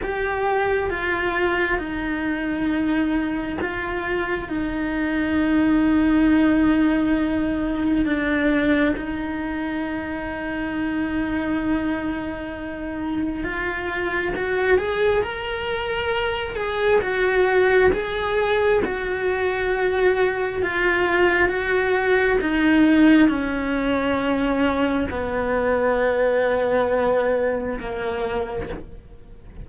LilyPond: \new Staff \with { instrumentName = "cello" } { \time 4/4 \tempo 4 = 67 g'4 f'4 dis'2 | f'4 dis'2.~ | dis'4 d'4 dis'2~ | dis'2. f'4 |
fis'8 gis'8 ais'4. gis'8 fis'4 | gis'4 fis'2 f'4 | fis'4 dis'4 cis'2 | b2. ais4 | }